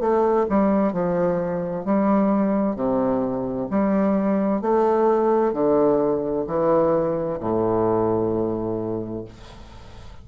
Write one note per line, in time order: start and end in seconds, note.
0.00 0.46 A3
0.49 0.92 G3
0.92 1.85 F3
1.85 2.76 G3
2.76 3.68 C3
3.70 4.61 G3
4.61 5.53 A3
5.53 6.45 D3
6.47 7.39 E3
7.40 9.24 A2